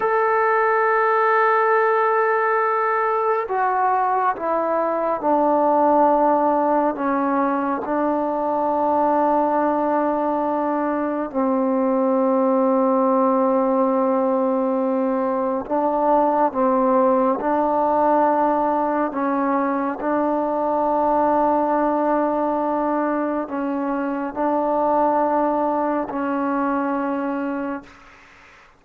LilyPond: \new Staff \with { instrumentName = "trombone" } { \time 4/4 \tempo 4 = 69 a'1 | fis'4 e'4 d'2 | cis'4 d'2.~ | d'4 c'2.~ |
c'2 d'4 c'4 | d'2 cis'4 d'4~ | d'2. cis'4 | d'2 cis'2 | }